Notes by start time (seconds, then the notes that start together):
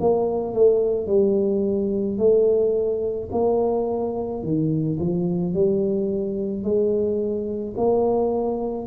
0.00 A#3
0.54 A3
1.07 G3
2.18 A3
3.32 A#3
4.42 D#3
4.99 F3
5.54 G3
6.64 G#3
7.77 A#3